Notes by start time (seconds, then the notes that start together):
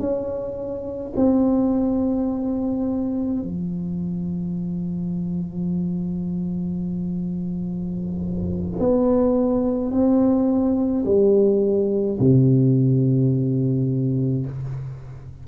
0.00 C#4
1.16 C4
3.43 F3
8.79 B3
9.92 C4
11.06 G3
12.20 C3